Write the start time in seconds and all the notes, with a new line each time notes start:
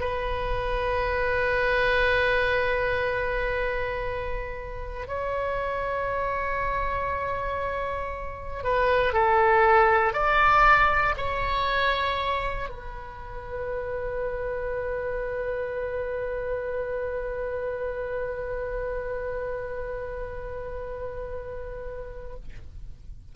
0.00 B4
5.08 C#5
8.64 B4
9.13 A4
10.14 D5
11.18 C#5
12.70 B4